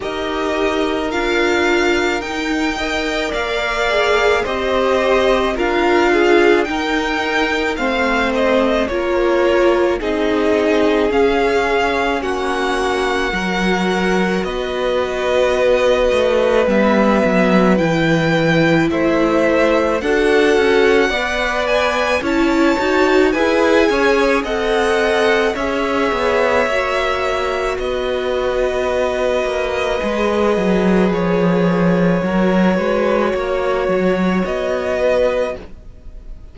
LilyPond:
<<
  \new Staff \with { instrumentName = "violin" } { \time 4/4 \tempo 4 = 54 dis''4 f''4 g''4 f''4 | dis''4 f''4 g''4 f''8 dis''8 | cis''4 dis''4 f''4 fis''4~ | fis''4 dis''2 e''4 |
g''4 e''4 fis''4. gis''8 | a''4 gis''4 fis''4 e''4~ | e''4 dis''2. | cis''2. dis''4 | }
  \new Staff \with { instrumentName = "violin" } { \time 4/4 ais'2~ ais'8 dis''8 d''4 | c''4 ais'8 gis'8 ais'4 c''4 | ais'4 gis'2 fis'4 | ais'4 b'2.~ |
b'4 c''4 a'4 d''4 | cis''4 b'8 cis''8 dis''4 cis''4~ | cis''4 b'2.~ | b'4 ais'8 b'8 cis''4. b'8 | }
  \new Staff \with { instrumentName = "viola" } { \time 4/4 g'4 f'4 dis'8 ais'4 gis'8 | g'4 f'4 dis'4 c'4 | f'4 dis'4 cis'2 | fis'2. b4 |
e'2 fis'4 b'4 | e'8 fis'8 gis'4 a'4 gis'4 | fis'2. gis'4~ | gis'4 fis'2. | }
  \new Staff \with { instrumentName = "cello" } { \time 4/4 dis'4 d'4 dis'4 ais4 | c'4 d'4 dis'4 a4 | ais4 c'4 cis'4 ais4 | fis4 b4. a8 g8 fis8 |
e4 a4 d'8 cis'8 b4 | cis'8 dis'8 e'8 cis'8 c'4 cis'8 b8 | ais4 b4. ais8 gis8 fis8 | f4 fis8 gis8 ais8 fis8 b4 | }
>>